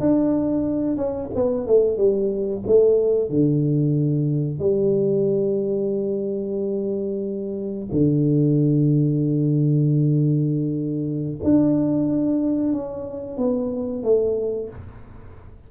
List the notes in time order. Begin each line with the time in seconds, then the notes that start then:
0.00 D4
0.97 C#4
1.35 B3
1.67 A3
1.97 G3
2.67 A3
3.29 D3
4.59 G3
7.92 D3
11.43 D4
12.73 C#4
13.37 B3
14.03 A3